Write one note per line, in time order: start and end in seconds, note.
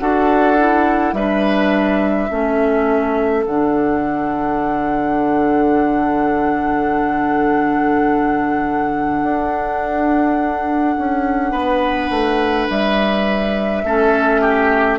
0.00 1.13 D4
0.00 0.58 F#4
0.00 1.16 A4
0.00 1.14 F#5
0.59 1.16 E4
1.13 2.29 G3
1.13 2.30 D4
1.13 2.31 B4
1.13 3.45 E5
2.30 3.47 A3
2.30 3.45 C#4
2.30 11.52 A4
3.47 9.23 D3
3.47 13.87 D4
3.47 12.70 F#5
9.23 10.96 D4
10.99 11.52 C#4
11.52 12.10 B3
11.52 13.83 B4
12.11 12.68 A3
12.70 13.84 G3
12.70 15.00 E5
13.84 15.00 A3
13.84 15.00 C#4
13.84 14.42 A4
14.42 14.99 G4